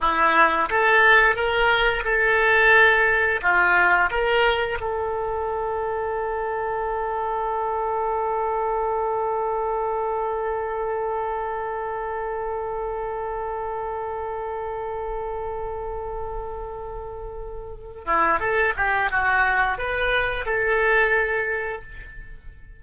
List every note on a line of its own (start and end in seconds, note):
0.01 0.69 E4
0.69 1.35 A4
1.35 2.03 A#4
2.04 3.41 A4
3.42 4.10 F4
4.10 4.78 A#4
4.80 18.05 A4
18.05 18.39 E4
18.39 18.73 A4
18.76 19.10 G4
19.10 19.77 F#4
19.77 20.45 B4
20.45 21.82 A4